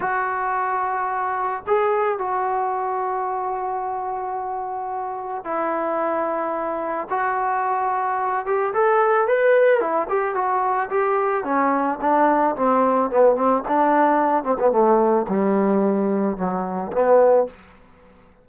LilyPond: \new Staff \with { instrumentName = "trombone" } { \time 4/4 \tempo 4 = 110 fis'2. gis'4 | fis'1~ | fis'2 e'2~ | e'4 fis'2~ fis'8 g'8 |
a'4 b'4 e'8 g'8 fis'4 | g'4 cis'4 d'4 c'4 | b8 c'8 d'4. c'16 b16 a4 | g2 fis4 b4 | }